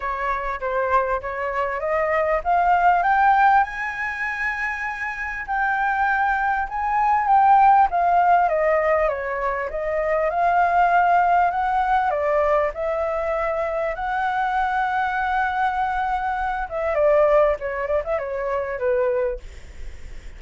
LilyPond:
\new Staff \with { instrumentName = "flute" } { \time 4/4 \tempo 4 = 99 cis''4 c''4 cis''4 dis''4 | f''4 g''4 gis''2~ | gis''4 g''2 gis''4 | g''4 f''4 dis''4 cis''4 |
dis''4 f''2 fis''4 | d''4 e''2 fis''4~ | fis''2.~ fis''8 e''8 | d''4 cis''8 d''16 e''16 cis''4 b'4 | }